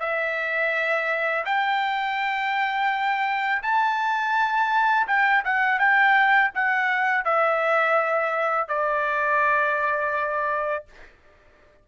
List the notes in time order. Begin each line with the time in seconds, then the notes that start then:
0.00 E5
1.45 G5
3.62 A5
5.07 G5
5.44 F#5
5.79 G5
6.55 F#5
7.25 E5
8.68 D5